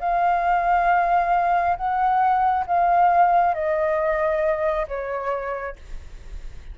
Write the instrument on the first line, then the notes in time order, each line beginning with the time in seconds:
flute
0.00 F5
1.77 F#5
2.67 F5
3.55 D#5
4.88 C#5